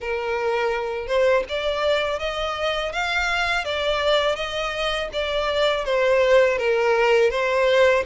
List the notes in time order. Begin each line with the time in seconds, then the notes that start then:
0.00 A#4
1.07 C5
1.48 D5
2.19 D#5
2.92 F5
3.64 D5
4.35 D#5
5.13 D5
5.84 C5
6.58 A#4
7.30 C5